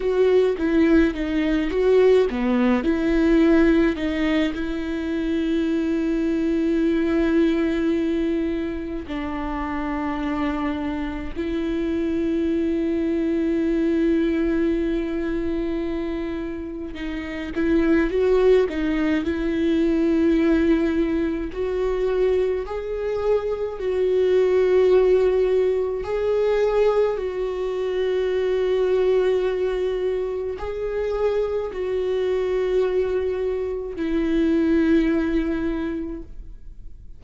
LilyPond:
\new Staff \with { instrumentName = "viola" } { \time 4/4 \tempo 4 = 53 fis'8 e'8 dis'8 fis'8 b8 e'4 dis'8 | e'1 | d'2 e'2~ | e'2. dis'8 e'8 |
fis'8 dis'8 e'2 fis'4 | gis'4 fis'2 gis'4 | fis'2. gis'4 | fis'2 e'2 | }